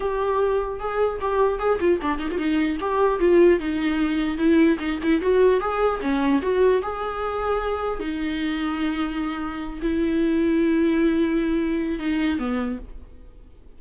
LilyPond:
\new Staff \with { instrumentName = "viola" } { \time 4/4 \tempo 4 = 150 g'2 gis'4 g'4 | gis'8 f'8 d'8 dis'16 f'16 dis'4 g'4 | f'4 dis'2 e'4 | dis'8 e'8 fis'4 gis'4 cis'4 |
fis'4 gis'2. | dis'1~ | dis'8 e'2.~ e'8~ | e'2 dis'4 b4 | }